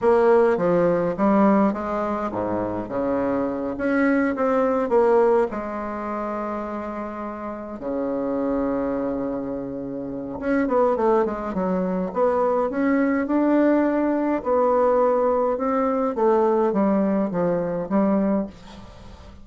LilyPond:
\new Staff \with { instrumentName = "bassoon" } { \time 4/4 \tempo 4 = 104 ais4 f4 g4 gis4 | gis,4 cis4. cis'4 c'8~ | c'8 ais4 gis2~ gis8~ | gis4. cis2~ cis8~ |
cis2 cis'8 b8 a8 gis8 | fis4 b4 cis'4 d'4~ | d'4 b2 c'4 | a4 g4 f4 g4 | }